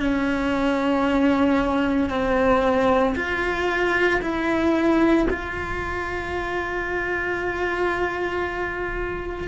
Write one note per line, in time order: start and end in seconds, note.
0.00 2.10 C#4
2.10 3.15 C4
3.16 4.21 F4
4.22 5.28 E4
5.30 9.48 F4